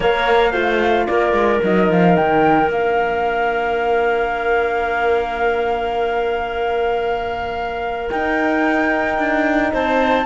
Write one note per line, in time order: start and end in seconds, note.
0.00 0.53 A#3
0.00 0.52 A#4
0.00 0.51 C#5
0.00 1.06 F5
0.51 1.07 A3
0.51 1.60 F4
0.51 1.05 C5
1.06 1.32 A#3
1.06 9.73 A#4
1.06 1.60 D5
1.32 1.59 G#3
1.63 1.89 F#3
1.63 2.71 D#4
1.63 1.91 D#5
1.89 2.16 F3
1.89 2.15 F5
2.15 2.69 D#3
2.15 2.69 G5
2.69 8.09 A#3
2.69 8.11 D4
2.69 8.10 F5
8.10 10.26 D#4
8.10 9.18 D#4
8.10 9.72 G5
9.18 9.72 D4
9.73 10.26 C4
9.73 10.26 C5
9.73 10.26 A5